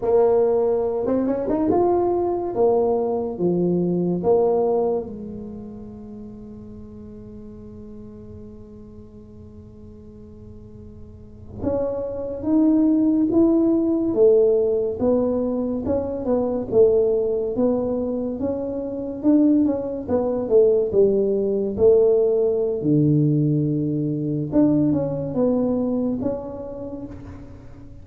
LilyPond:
\new Staff \with { instrumentName = "tuba" } { \time 4/4 \tempo 4 = 71 ais4~ ais16 c'16 cis'16 dis'16 f'4 ais4 | f4 ais4 gis2~ | gis1~ | gis4.~ gis16 cis'4 dis'4 e'16~ |
e'8. a4 b4 cis'8 b8 a16~ | a8. b4 cis'4 d'8 cis'8 b16~ | b16 a8 g4 a4~ a16 d4~ | d4 d'8 cis'8 b4 cis'4 | }